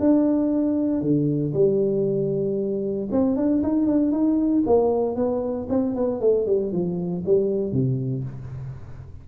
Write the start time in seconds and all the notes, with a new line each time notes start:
0.00 D4
1.02 D3
1.54 G3
3.12 C4
3.36 D4
3.63 D#4
3.87 D4
4.12 D#4
4.66 A#3
5.16 B3
5.70 C4
5.96 B3
6.21 A3
6.47 G3
6.72 F3
7.26 G3
7.73 C3